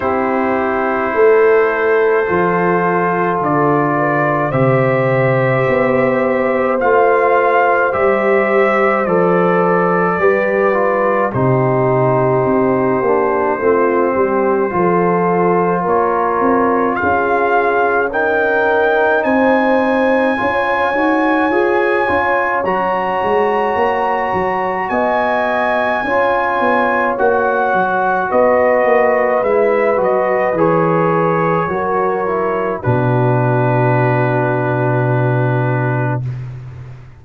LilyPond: <<
  \new Staff \with { instrumentName = "trumpet" } { \time 4/4 \tempo 4 = 53 c''2. d''4 | e''2 f''4 e''4 | d''2 c''2~ | c''2 cis''4 f''4 |
g''4 gis''2. | ais''2 gis''2 | fis''4 dis''4 e''8 dis''8 cis''4~ | cis''4 b'2. | }
  \new Staff \with { instrumentName = "horn" } { \time 4/4 g'4 a'2~ a'8 b'8 | c''1~ | c''4 b'4 g'2 | f'8 g'8 a'4 ais'4 gis'4 |
ais'4 c''4 cis''2~ | cis''2 dis''4 cis''4~ | cis''4 b'2. | ais'4 fis'2. | }
  \new Staff \with { instrumentName = "trombone" } { \time 4/4 e'2 f'2 | g'2 f'4 g'4 | a'4 g'8 f'8 dis'4. d'8 | c'4 f'2. |
dis'2 f'8 fis'8 gis'8 f'8 | fis'2. f'4 | fis'2 e'8 fis'8 gis'4 | fis'8 e'8 d'2. | }
  \new Staff \with { instrumentName = "tuba" } { \time 4/4 c'4 a4 f4 d4 | c4 b4 a4 g4 | f4 g4 c4 c'8 ais8 | a8 g8 f4 ais8 c'8 cis'4~ |
cis'4 c'4 cis'8 dis'8 f'8 cis'8 | fis8 gis8 ais8 fis8 b4 cis'8 b8 | ais8 fis8 b8 ais8 gis8 fis8 e4 | fis4 b,2. | }
>>